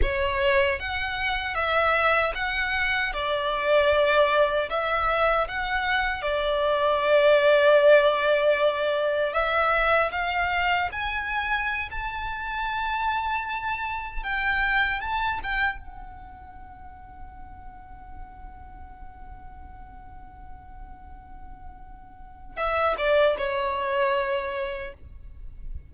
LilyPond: \new Staff \with { instrumentName = "violin" } { \time 4/4 \tempo 4 = 77 cis''4 fis''4 e''4 fis''4 | d''2 e''4 fis''4 | d''1 | e''4 f''4 gis''4~ gis''16 a''8.~ |
a''2~ a''16 g''4 a''8 g''16~ | g''16 fis''2.~ fis''8.~ | fis''1~ | fis''4 e''8 d''8 cis''2 | }